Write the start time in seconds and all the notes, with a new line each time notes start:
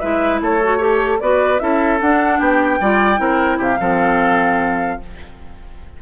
0.00 G#3 E4 B4 E5
0.41 A3 A4 C#5
0.63 F#4
0.78 G4 A4 C#5
1.21 B3 F#4 B4 D5
1.59 C#4 E4 A4 E5
2.01 D4 F#5
2.39 B3 G4 G5
2.81 G3 F4 D5
3.17 C4 E4 A#4
3.58 C3 G4 F5
3.80 F3 C4 A4